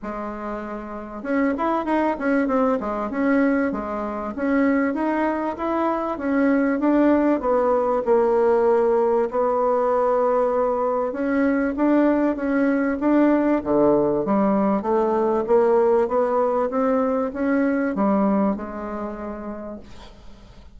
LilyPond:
\new Staff \with { instrumentName = "bassoon" } { \time 4/4 \tempo 4 = 97 gis2 cis'8 e'8 dis'8 cis'8 | c'8 gis8 cis'4 gis4 cis'4 | dis'4 e'4 cis'4 d'4 | b4 ais2 b4~ |
b2 cis'4 d'4 | cis'4 d'4 d4 g4 | a4 ais4 b4 c'4 | cis'4 g4 gis2 | }